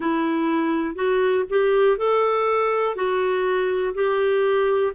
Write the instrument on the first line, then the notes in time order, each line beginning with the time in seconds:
clarinet
0.00 E4
0.95 F#4
1.49 G4
1.97 A4
2.95 F#4
3.94 G4